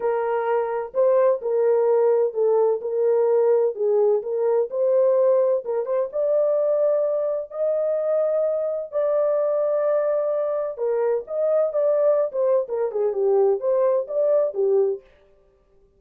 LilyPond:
\new Staff \with { instrumentName = "horn" } { \time 4/4 \tempo 4 = 128 ais'2 c''4 ais'4~ | ais'4 a'4 ais'2 | gis'4 ais'4 c''2 | ais'8 c''8 d''2. |
dis''2. d''4~ | d''2. ais'4 | dis''4 d''4~ d''16 c''8. ais'8 gis'8 | g'4 c''4 d''4 g'4 | }